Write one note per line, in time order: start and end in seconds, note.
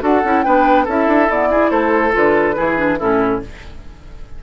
0.00 0.23 D4
0.00 0.21 F#4
0.00 0.44 A4
0.00 0.43 F#5
0.24 0.45 C#4
0.24 0.44 E4
0.43 0.87 B3
0.43 0.87 D4
0.43 0.84 B4
0.43 0.85 G5
0.84 1.07 C#4
0.84 1.30 E4
0.84 1.48 A4
0.84 1.30 E5
1.07 1.28 D4
1.28 1.51 B3
1.28 1.70 E4
1.28 1.70 D5
1.51 2.11 E4
1.51 1.70 G#4
1.70 2.13 A3
1.70 2.55 A4
1.70 2.13 C5
2.11 2.58 D3
2.11 2.54 F4
2.11 2.99 B4
2.55 3.00 E3
2.55 2.76 E4
2.55 2.98 G#4
2.76 2.98 D4
2.98 3.43 A2
2.98 3.41 C#4
2.98 3.41 E4
2.98 3.41 A4